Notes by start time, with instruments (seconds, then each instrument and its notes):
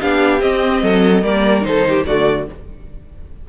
0.00 cello B3, viola D4, violin G4 F5
0.40 viola C4, cello C4, violin D#5
0.82 cello F#3, violin A4
1.23 cello G3, viola A#3, violin A#4 D5
1.61 cello D#3, viola D#4, violin C5
1.67 violin A4
1.89 violin G4
2.06 cello D3, viola A3, violin F#4 D5